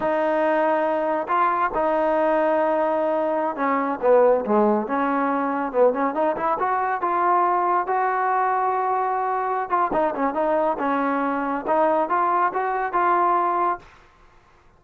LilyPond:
\new Staff \with { instrumentName = "trombone" } { \time 4/4 \tempo 4 = 139 dis'2. f'4 | dis'1~ | dis'16 cis'4 b4 gis4 cis'8.~ | cis'4~ cis'16 b8 cis'8 dis'8 e'8 fis'8.~ |
fis'16 f'2 fis'4.~ fis'16~ | fis'2~ fis'8 f'8 dis'8 cis'8 | dis'4 cis'2 dis'4 | f'4 fis'4 f'2 | }